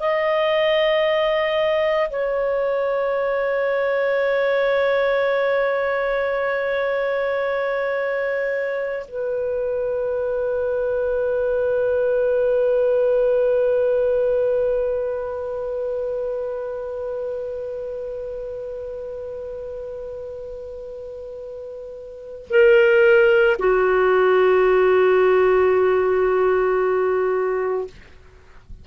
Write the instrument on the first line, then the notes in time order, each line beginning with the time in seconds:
clarinet
0.00 D#5
2.10 C#5
9.08 B4
22.50 A#4
23.59 F#4